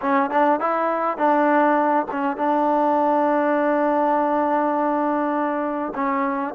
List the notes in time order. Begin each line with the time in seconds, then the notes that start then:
0.01 C#4
0.30 D4
0.60 E4
1.17 D4
2.11 C#4
2.36 D4
5.94 C#4